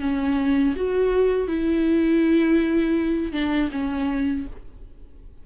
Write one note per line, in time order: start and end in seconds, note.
0.00 0.74 C#4
0.76 1.47 F#4
1.47 3.32 E4
3.32 3.69 D4
3.71 4.45 C#4